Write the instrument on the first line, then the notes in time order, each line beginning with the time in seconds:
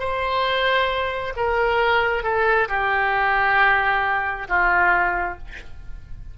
oboe
0.00 C5
1.37 A#4
2.23 A4
2.69 G4
4.49 F4